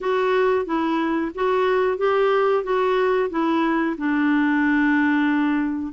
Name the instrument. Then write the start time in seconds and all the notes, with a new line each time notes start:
clarinet
0.01 F#4
0.65 E4
1.34 F#4
1.97 G4
2.63 F#4
3.30 E4
3.97 D4